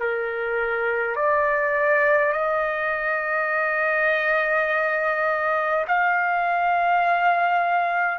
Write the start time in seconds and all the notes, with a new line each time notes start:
0.00 A#4
1.17 D5
2.33 D#5
5.88 F5